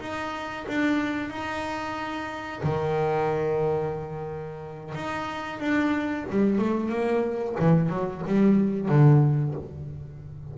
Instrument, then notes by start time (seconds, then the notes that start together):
double bass
0.00 D#4
0.68 D4
1.30 D#4
2.63 D#3
4.95 D#4
5.60 D4
6.31 G3
6.58 A3
6.89 A#3
7.59 E3
7.89 F#3
8.27 G3
8.89 D3